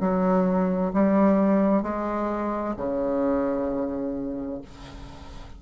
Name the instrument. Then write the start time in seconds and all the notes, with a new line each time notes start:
bassoon
0.00 F#3
0.93 G3
1.83 G#3
2.77 C#3